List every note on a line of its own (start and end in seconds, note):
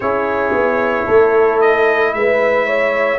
0.00 0.52 C#4
0.00 3.18 E4
0.00 1.06 G#4
0.00 1.60 C#5
0.52 1.05 B3
1.06 2.13 A3
1.06 2.13 A4
1.60 2.13 D#5
2.13 3.18 G#3
2.13 2.65 B4
2.13 3.18 E5
2.65 3.18 C#5